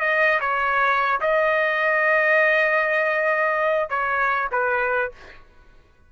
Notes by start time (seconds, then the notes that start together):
0.00 D#5
0.40 C#5
1.21 D#5
3.89 C#5
4.52 B4